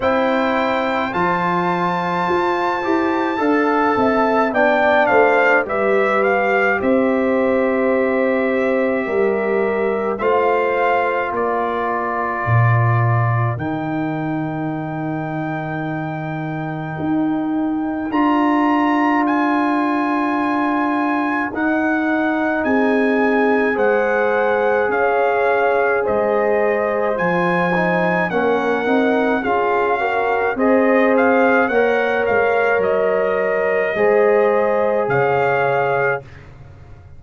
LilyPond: <<
  \new Staff \with { instrumentName = "trumpet" } { \time 4/4 \tempo 4 = 53 g''4 a''2. | g''8 f''8 e''8 f''8 e''2~ | e''4 f''4 d''2 | g''1 |
ais''4 gis''2 fis''4 | gis''4 fis''4 f''4 dis''4 | gis''4 fis''4 f''4 dis''8 f''8 | fis''8 f''8 dis''2 f''4 | }
  \new Staff \with { instrumentName = "horn" } { \time 4/4 c''2. f''8 e''8 | d''8 c''8 b'4 c''2 | ais'4 c''4 ais'2~ | ais'1~ |
ais'1 | gis'4 c''4 cis''4 c''4~ | c''4 ais'4 gis'8 ais'8 c''4 | cis''2 c''4 cis''4 | }
  \new Staff \with { instrumentName = "trombone" } { \time 4/4 e'4 f'4. g'8 a'4 | d'4 g'2.~ | g'4 f'2. | dis'1 |
f'2. dis'4~ | dis'4 gis'2. | f'8 dis'8 cis'8 dis'8 f'8 fis'8 gis'4 | ais'2 gis'2 | }
  \new Staff \with { instrumentName = "tuba" } { \time 4/4 c'4 f4 f'8 e'8 d'8 c'8 | b8 a8 g4 c'2 | g4 a4 ais4 ais,4 | dis2. dis'4 |
d'2. dis'4 | c'4 gis4 cis'4 gis4 | f4 ais8 c'8 cis'4 c'4 | ais8 gis8 fis4 gis4 cis4 | }
>>